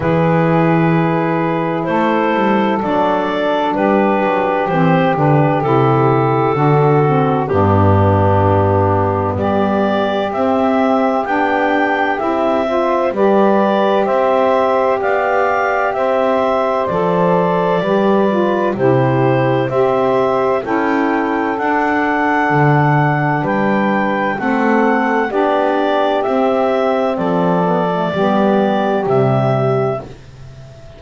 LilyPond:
<<
  \new Staff \with { instrumentName = "clarinet" } { \time 4/4 \tempo 4 = 64 b'2 c''4 d''4 | b'4 c''8 b'8 a'2 | g'2 d''4 e''4 | g''4 e''4 d''4 e''4 |
f''4 e''4 d''2 | c''4 e''4 g''4 fis''4~ | fis''4 g''4 fis''4 d''4 | e''4 d''2 e''4 | }
  \new Staff \with { instrumentName = "saxophone" } { \time 4/4 gis'2 a'2 | g'2. fis'4 | d'2 g'2~ | g'4. c''8 b'4 c''4 |
d''4 c''2 b'4 | g'4 c''4 a'2~ | a'4 b'4 a'4 g'4~ | g'4 a'4 g'2 | }
  \new Staff \with { instrumentName = "saxophone" } { \time 4/4 e'2. d'4~ | d'4 c'8 d'8 e'4 d'8 c'8 | b2. c'4 | d'4 e'8 f'8 g'2~ |
g'2 a'4 g'8 f'8 | e'4 g'4 e'4 d'4~ | d'2 c'4 d'4 | c'4. b16 a16 b4 g4 | }
  \new Staff \with { instrumentName = "double bass" } { \time 4/4 e2 a8 g8 fis4 | g8 fis8 e8 d8 c4 d4 | g,2 g4 c'4 | b4 c'4 g4 c'4 |
b4 c'4 f4 g4 | c4 c'4 cis'4 d'4 | d4 g4 a4 b4 | c'4 f4 g4 c4 | }
>>